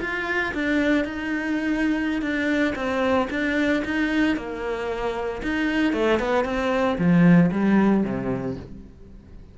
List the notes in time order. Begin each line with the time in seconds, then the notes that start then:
0.00 F4
0.54 D4
1.04 D#4
2.21 D4
2.75 C4
3.30 D4
3.84 D#4
4.36 A#3
5.42 D#4
5.93 A3
6.19 B3
6.44 C4
6.98 F3
7.51 G3
8.04 C3